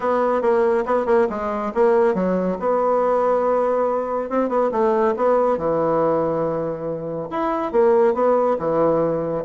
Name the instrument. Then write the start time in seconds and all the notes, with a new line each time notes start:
bassoon
0.00 B3
0.41 A#3
0.85 B3
1.06 A#3
1.29 G#3
1.74 A#3
2.14 F#3
2.59 B3
4.29 C4
4.48 B3
4.71 A3
5.16 B3
5.57 E3
7.30 E4
7.72 A#3
8.14 B3
8.58 E3